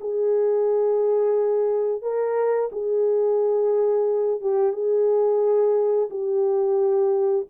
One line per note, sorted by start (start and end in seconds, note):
0.00 2.02 G#4
2.02 2.70 A#4
2.72 4.41 G#4
4.41 4.73 G4
4.73 6.09 G#4
6.10 7.46 G4